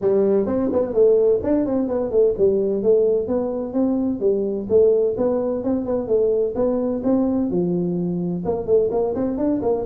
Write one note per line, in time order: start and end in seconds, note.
0.01 0.46 G3
0.46 0.69 C4
0.72 0.93 B3
0.93 1.40 A3
1.43 1.65 D4
1.65 1.88 C4
1.88 2.11 B3
2.11 2.34 A3
2.38 2.82 G3
2.82 3.27 A3
3.27 3.73 B3
3.73 4.20 C4
4.20 4.67 G3
4.69 5.16 A3
5.17 5.63 B3
5.63 5.85 C4
5.85 6.07 B3
6.07 6.54 A3
6.55 7.02 B3
7.03 7.50 C4
7.50 8.44 F3
8.45 8.66 A#3
8.66 8.89 A3
8.91 9.14 A#3
9.14 9.37 C4
9.37 9.61 D4
9.61 9.85 A#3